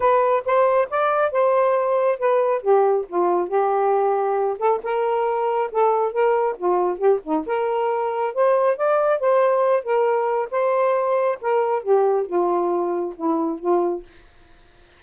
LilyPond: \new Staff \with { instrumentName = "saxophone" } { \time 4/4 \tempo 4 = 137 b'4 c''4 d''4 c''4~ | c''4 b'4 g'4 f'4 | g'2~ g'8 a'8 ais'4~ | ais'4 a'4 ais'4 f'4 |
g'8 dis'8 ais'2 c''4 | d''4 c''4. ais'4. | c''2 ais'4 g'4 | f'2 e'4 f'4 | }